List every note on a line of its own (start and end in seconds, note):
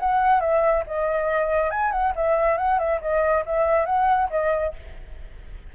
0.00 0.41 F#5
0.41 0.84 E5
0.87 1.71 D#5
1.71 1.92 G#5
1.92 2.14 F#5
2.16 2.58 E5
2.58 2.79 F#5
2.79 3.01 E5
3.02 3.45 D#5
3.46 3.86 E5
3.86 4.29 F#5
4.30 4.74 D#5